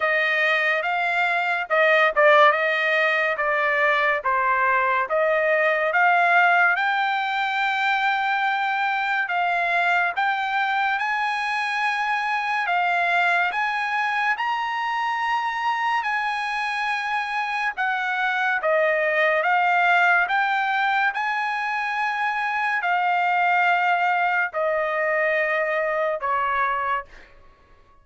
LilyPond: \new Staff \with { instrumentName = "trumpet" } { \time 4/4 \tempo 4 = 71 dis''4 f''4 dis''8 d''8 dis''4 | d''4 c''4 dis''4 f''4 | g''2. f''4 | g''4 gis''2 f''4 |
gis''4 ais''2 gis''4~ | gis''4 fis''4 dis''4 f''4 | g''4 gis''2 f''4~ | f''4 dis''2 cis''4 | }